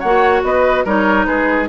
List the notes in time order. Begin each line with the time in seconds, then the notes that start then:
0.00 A#3 F#4 C#5 F#5
0.43 B3 B4 D#5
0.85 G3 D#4 A#4 C#5
1.26 G#3 G#4 B4